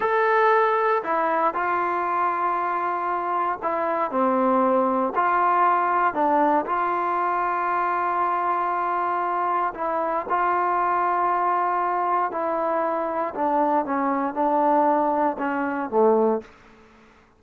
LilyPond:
\new Staff \with { instrumentName = "trombone" } { \time 4/4 \tempo 4 = 117 a'2 e'4 f'4~ | f'2. e'4 | c'2 f'2 | d'4 f'2.~ |
f'2. e'4 | f'1 | e'2 d'4 cis'4 | d'2 cis'4 a4 | }